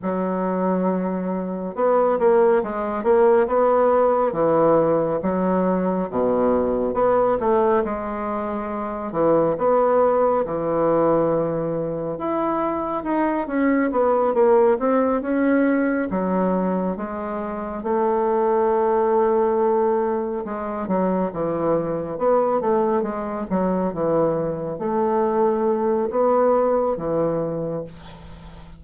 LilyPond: \new Staff \with { instrumentName = "bassoon" } { \time 4/4 \tempo 4 = 69 fis2 b8 ais8 gis8 ais8 | b4 e4 fis4 b,4 | b8 a8 gis4. e8 b4 | e2 e'4 dis'8 cis'8 |
b8 ais8 c'8 cis'4 fis4 gis8~ | gis8 a2. gis8 | fis8 e4 b8 a8 gis8 fis8 e8~ | e8 a4. b4 e4 | }